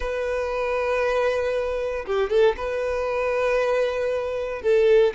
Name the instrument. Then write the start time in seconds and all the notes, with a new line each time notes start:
violin
0.00 B4
2.06 G4
2.30 A4
2.56 B4
4.62 A4